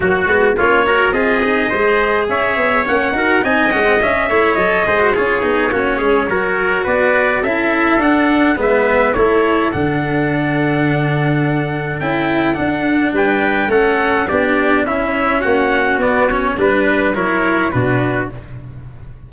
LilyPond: <<
  \new Staff \with { instrumentName = "trumpet" } { \time 4/4 \tempo 4 = 105 fis'4 cis''4 dis''2 | e''4 fis''4 gis''8 fis''8 e''4 | dis''4 cis''2. | d''4 e''4 fis''4 e''4 |
cis''4 fis''2.~ | fis''4 g''4 fis''4 g''4 | fis''4 d''4 e''4 fis''4 | d''8 cis''8 b'4 cis''4 b'4 | }
  \new Staff \with { instrumentName = "trumpet" } { \time 4/4 fis'4 f'8 ais'8 gis'4 c''4 | cis''4. ais'8 dis''4. cis''8~ | cis''8 c''8 gis'4 fis'8 gis'8 ais'4 | b'4 a'2 b'4 |
a'1~ | a'2. b'4 | a'4 g'4 e'4 fis'4~ | fis'4 b'4 ais'4 fis'4 | }
  \new Staff \with { instrumentName = "cello" } { \time 4/4 ais8 b8 cis'8 fis'8 f'8 dis'8 gis'4~ | gis'4 cis'8 fis'8 dis'8 cis'16 c'16 cis'8 e'8 | a'8 gis'16 fis'16 f'8 dis'8 cis'4 fis'4~ | fis'4 e'4 d'4 b4 |
e'4 d'2.~ | d'4 e'4 d'2 | cis'4 d'4 cis'2 | b8 cis'8 d'4 e'4 d'4 | }
  \new Staff \with { instrumentName = "tuba" } { \time 4/4 fis8 gis8 ais4 c'4 gis4 | cis'8 b8 ais8 dis'8 c'8 gis8 cis'8 a8 | fis8 gis8 cis'8 b8 ais8 gis8 fis4 | b4 cis'4 d'4 gis4 |
a4 d2.~ | d4 cis'4 d'4 g4 | a4 b4 cis'4 ais4 | b4 g4 fis4 b,4 | }
>>